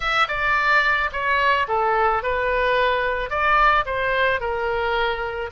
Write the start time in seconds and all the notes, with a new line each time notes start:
0.00 E5
0.28 D5
1.12 C#5
1.67 A4
2.22 B4
3.30 D5
3.85 C5
4.40 A#4